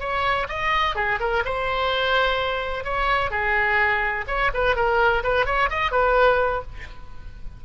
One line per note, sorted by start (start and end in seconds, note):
0.00 0.47 C#5
0.49 0.96 D#5
0.96 1.19 G#4
1.20 1.43 A#4
1.45 2.84 C5
2.84 3.31 C#5
3.31 4.25 G#4
4.27 4.51 C#5
4.54 4.76 B4
4.76 5.23 A#4
5.24 5.46 B4
5.46 5.70 C#5
5.70 5.92 D#5
5.92 6.62 B4